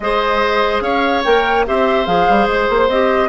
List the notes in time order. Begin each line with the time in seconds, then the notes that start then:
0.00 G#3 G#4 C5 D#5
0.80 C#4 C#5 F5
1.24 A#3 A#4 G5
1.66 C4 G4 C5 E5
2.05 F3 G#4 F5
2.29 G3
2.47 G#3 C5
2.69 A#3
2.88 C4 G4 D#5